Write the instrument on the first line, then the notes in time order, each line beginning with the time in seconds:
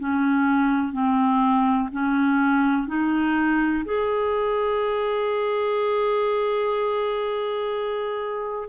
clarinet
0.00 C#4
0.93 C4
1.92 C#4
2.88 D#4
3.85 G#4